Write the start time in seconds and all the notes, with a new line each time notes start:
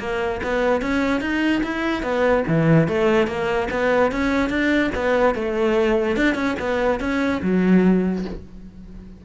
0.00 A#3
0.44 B3
0.82 C#4
1.21 D#4
1.63 E4
2.03 B3
2.48 E3
2.88 A3
3.28 A#3
3.71 B3
4.12 C#4
4.50 D4
4.95 B3
5.35 A3
6.17 D4
6.35 C#4
6.60 B3
7.00 C#4
7.43 F#3